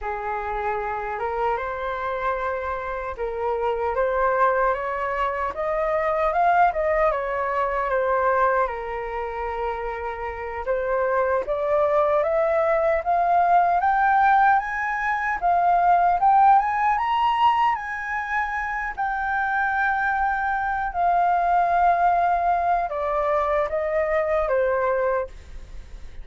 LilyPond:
\new Staff \with { instrumentName = "flute" } { \time 4/4 \tempo 4 = 76 gis'4. ais'8 c''2 | ais'4 c''4 cis''4 dis''4 | f''8 dis''8 cis''4 c''4 ais'4~ | ais'4. c''4 d''4 e''8~ |
e''8 f''4 g''4 gis''4 f''8~ | f''8 g''8 gis''8 ais''4 gis''4. | g''2~ g''8 f''4.~ | f''4 d''4 dis''4 c''4 | }